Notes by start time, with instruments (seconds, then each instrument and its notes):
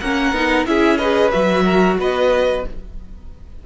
0.00 cello A#3, viola C#4, violin A#4 F#5
0.32 cello B3, viola D#4
0.66 cello C#4, viola E4, violin G#4 E5
0.98 viola G#4, violin B4 D#5
1.32 cello F#3, viola F#4, violin E5
1.65 violin A#4
1.98 cello B3, violin B4 D#5